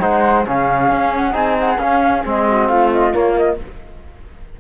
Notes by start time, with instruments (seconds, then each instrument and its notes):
0.00 cello G#3, trombone D#4, flute C5 F#5
0.46 cello C#3, trombone C#4, flute G#4 F5
0.91 cello C#4
1.15 flute F#5
1.32 cello C4, trombone D#4, flute G#5
1.59 flute F#5
1.79 cello C#4, trombone C#4, flute F5
2.25 cello G#3, trombone C4, flute D#5
2.47 flute F#4
2.68 cello A3, flute F4 F5
2.92 flute D#5
3.12 trombone A#3, cello A#3, flute C#5
3.36 flute D#5